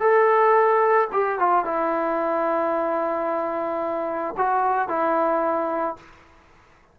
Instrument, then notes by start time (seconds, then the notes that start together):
trombone
0.00 A4
1.13 G4
1.39 F4
1.65 E4
4.37 F#4
4.88 E4